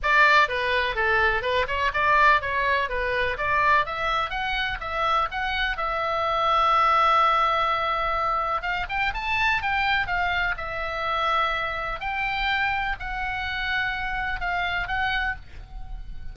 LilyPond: \new Staff \with { instrumentName = "oboe" } { \time 4/4 \tempo 4 = 125 d''4 b'4 a'4 b'8 cis''8 | d''4 cis''4 b'4 d''4 | e''4 fis''4 e''4 fis''4 | e''1~ |
e''2 f''8 g''8 a''4 | g''4 f''4 e''2~ | e''4 g''2 fis''4~ | fis''2 f''4 fis''4 | }